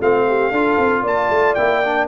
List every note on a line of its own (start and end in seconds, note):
0.00 0.52 A3
0.00 0.53 C4
0.00 0.26 F4
0.00 1.05 F5
0.28 0.52 G4
0.52 0.77 D4
0.52 1.58 F4
0.52 1.03 A4
0.78 1.03 C4
1.03 1.29 A#3
1.03 2.06 D5
1.03 1.55 A5
1.30 1.56 A3
1.55 2.09 A#3
1.55 1.84 E4
1.55 2.07 G5
1.84 2.09 D4